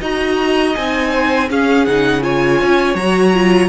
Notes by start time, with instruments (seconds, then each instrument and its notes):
0.00 cello D#4, viola F#4, violin D#5 A#5
0.74 cello C4, viola D#4, violin G#5
1.11 violin C5
1.49 viola C#4, cello C#4, violin G#4 F5
1.85 cello C#3, viola D#4, violin F#5
2.21 viola F4, violin C#5 G#5
2.61 cello C#4
2.95 cello F#3, viola F#4, violin A#5
3.33 viola F4